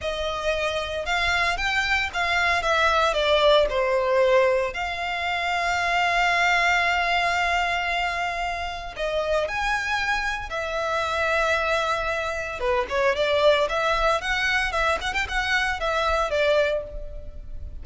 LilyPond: \new Staff \with { instrumentName = "violin" } { \time 4/4 \tempo 4 = 114 dis''2 f''4 g''4 | f''4 e''4 d''4 c''4~ | c''4 f''2.~ | f''1~ |
f''4 dis''4 gis''2 | e''1 | b'8 cis''8 d''4 e''4 fis''4 | e''8 fis''16 g''16 fis''4 e''4 d''4 | }